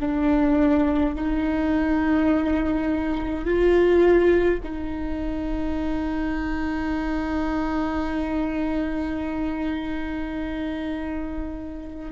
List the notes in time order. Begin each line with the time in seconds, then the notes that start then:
0.00 D4
1.15 D#4
3.45 F4
4.63 D#4